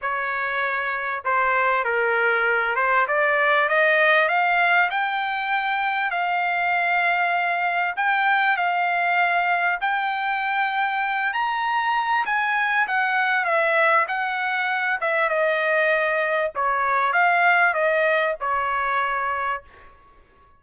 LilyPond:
\new Staff \with { instrumentName = "trumpet" } { \time 4/4 \tempo 4 = 98 cis''2 c''4 ais'4~ | ais'8 c''8 d''4 dis''4 f''4 | g''2 f''2~ | f''4 g''4 f''2 |
g''2~ g''8 ais''4. | gis''4 fis''4 e''4 fis''4~ | fis''8 e''8 dis''2 cis''4 | f''4 dis''4 cis''2 | }